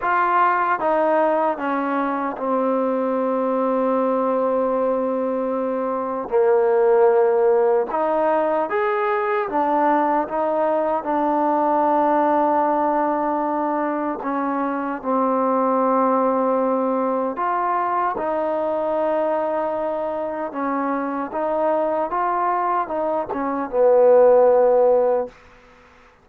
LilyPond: \new Staff \with { instrumentName = "trombone" } { \time 4/4 \tempo 4 = 76 f'4 dis'4 cis'4 c'4~ | c'1 | ais2 dis'4 gis'4 | d'4 dis'4 d'2~ |
d'2 cis'4 c'4~ | c'2 f'4 dis'4~ | dis'2 cis'4 dis'4 | f'4 dis'8 cis'8 b2 | }